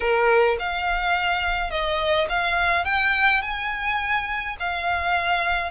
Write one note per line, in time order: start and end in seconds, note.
0.00 0.57 A#4
0.59 1.70 F5
1.70 2.27 D#5
2.29 2.84 F5
2.84 3.41 G5
3.42 4.56 G#5
4.59 5.71 F5